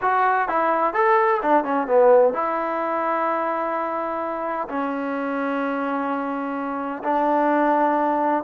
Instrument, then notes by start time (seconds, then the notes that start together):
trombone
0.01 F#4
0.48 E4
0.93 A4
1.42 D4
1.64 C#4
1.87 B3
2.33 E4
4.68 C#4
7.03 D4